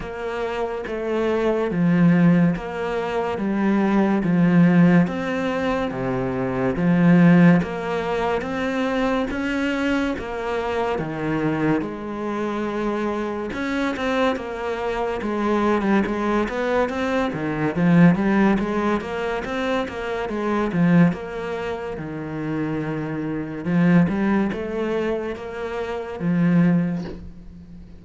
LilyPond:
\new Staff \with { instrumentName = "cello" } { \time 4/4 \tempo 4 = 71 ais4 a4 f4 ais4 | g4 f4 c'4 c4 | f4 ais4 c'4 cis'4 | ais4 dis4 gis2 |
cis'8 c'8 ais4 gis8. g16 gis8 b8 | c'8 dis8 f8 g8 gis8 ais8 c'8 ais8 | gis8 f8 ais4 dis2 | f8 g8 a4 ais4 f4 | }